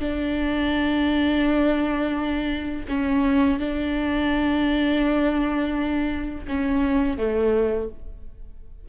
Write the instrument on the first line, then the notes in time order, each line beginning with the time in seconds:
viola
0.00 D4
2.88 C#4
3.59 D4
6.47 C#4
7.17 A3